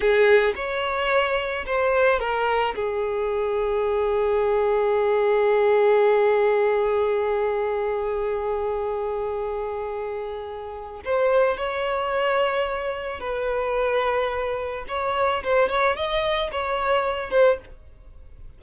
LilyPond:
\new Staff \with { instrumentName = "violin" } { \time 4/4 \tempo 4 = 109 gis'4 cis''2 c''4 | ais'4 gis'2.~ | gis'1~ | gis'1~ |
gis'1 | c''4 cis''2. | b'2. cis''4 | c''8 cis''8 dis''4 cis''4. c''8 | }